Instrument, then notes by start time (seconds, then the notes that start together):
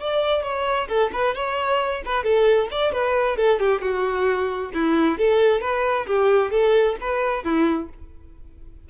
violin
0.00 D5
0.43 C#5
0.88 A4
1.13 B4
1.35 C#5
2.05 B4
2.24 A4
2.71 D5
2.92 B4
3.37 A4
3.60 G4
3.81 F#4
4.74 E4
5.18 A4
5.61 B4
6.07 G4
6.51 A4
7.01 B4
7.44 E4